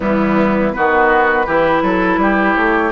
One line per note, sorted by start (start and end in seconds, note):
0.00 0.76 E3
0.00 0.72 G3
0.00 0.72 B3
0.00 0.72 E4
0.73 1.46 D#3
0.73 1.46 B3
0.73 1.46 F#4
0.73 2.55 B4
1.46 1.82 E3
1.46 2.92 E4
1.46 1.82 G4
1.82 2.17 F#3
1.82 2.19 A4
2.17 2.54 G3
2.17 2.92 G4
2.55 2.92 A3
2.55 2.91 C#5